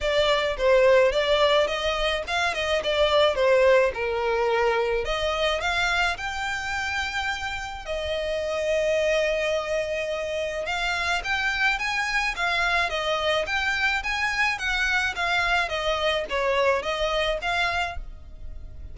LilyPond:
\new Staff \with { instrumentName = "violin" } { \time 4/4 \tempo 4 = 107 d''4 c''4 d''4 dis''4 | f''8 dis''8 d''4 c''4 ais'4~ | ais'4 dis''4 f''4 g''4~ | g''2 dis''2~ |
dis''2. f''4 | g''4 gis''4 f''4 dis''4 | g''4 gis''4 fis''4 f''4 | dis''4 cis''4 dis''4 f''4 | }